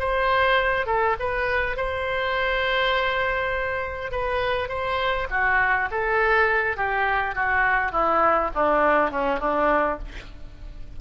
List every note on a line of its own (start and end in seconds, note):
0.00 0.87 C5
0.87 1.16 A4
1.20 1.77 B4
1.77 4.12 C5
4.12 4.69 B4
4.69 5.28 C5
5.30 5.89 F#4
5.91 6.77 A4
6.77 7.36 G4
7.36 7.92 F#4
7.92 8.51 E4
8.55 9.11 D4
9.11 9.40 C#4
9.40 9.99 D4